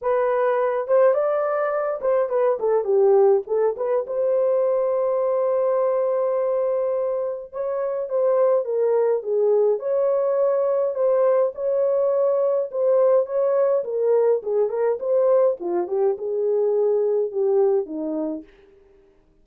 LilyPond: \new Staff \with { instrumentName = "horn" } { \time 4/4 \tempo 4 = 104 b'4. c''8 d''4. c''8 | b'8 a'8 g'4 a'8 b'8 c''4~ | c''1~ | c''4 cis''4 c''4 ais'4 |
gis'4 cis''2 c''4 | cis''2 c''4 cis''4 | ais'4 gis'8 ais'8 c''4 f'8 g'8 | gis'2 g'4 dis'4 | }